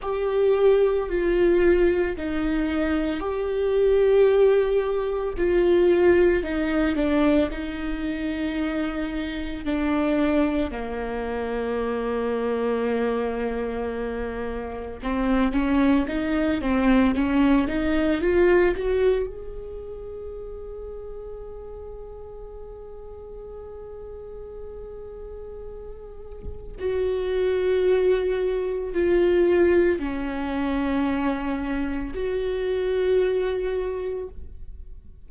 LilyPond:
\new Staff \with { instrumentName = "viola" } { \time 4/4 \tempo 4 = 56 g'4 f'4 dis'4 g'4~ | g'4 f'4 dis'8 d'8 dis'4~ | dis'4 d'4 ais2~ | ais2 c'8 cis'8 dis'8 c'8 |
cis'8 dis'8 f'8 fis'8 gis'2~ | gis'1~ | gis'4 fis'2 f'4 | cis'2 fis'2 | }